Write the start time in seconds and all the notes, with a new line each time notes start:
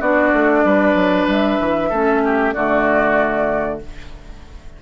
0.00 B3 D4 F#4 D5
0.33 A3
0.65 G3 B4
0.95 F#3
1.27 G3 E5
1.60 E3
1.89 A3 C#4 A4
2.25 G4
2.53 D3 A3 F#4 D5